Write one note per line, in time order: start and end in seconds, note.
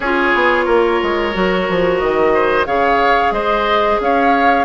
0.00 0.32 C#4
0.00 1.32 F4
0.00 0.65 G#4
0.00 1.98 C#5
0.34 0.67 B3
0.65 1.00 A#3
0.65 2.32 A#4
1.02 1.35 G#3
1.32 1.68 F#3
1.32 2.66 F#4
1.69 2.01 F3
1.98 2.66 D#3
1.98 2.65 D#5
2.34 2.67 C5
2.66 3.31 C#3
2.66 4.65 G#4
2.66 3.33 C#5
2.66 3.32 F5
3.31 3.97 G#3
3.31 4.00 C5
3.31 3.99 D#5
4.00 4.65 C#4
4.00 4.65 C#5
4.00 4.65 F5